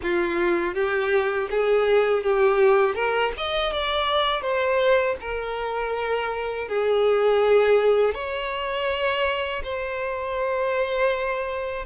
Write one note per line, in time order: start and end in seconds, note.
0.02 0.74 F4
0.74 1.48 G4
1.50 2.23 G#4
2.23 2.95 G4
2.95 3.32 A#4
3.37 3.72 D#5
3.72 4.41 D5
4.41 5.15 C5
5.20 6.68 A#4
6.68 8.14 G#4
8.14 9.62 C#5
9.63 11.85 C5